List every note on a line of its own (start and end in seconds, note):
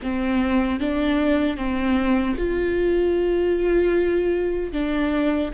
0.02 0.80 C4
0.80 1.56 D4
1.56 2.35 C4
2.37 4.72 F4
4.72 5.51 D4